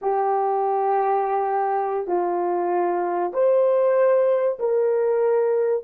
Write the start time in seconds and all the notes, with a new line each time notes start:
0.02 G4
2.07 F4
3.33 C5
4.59 A#4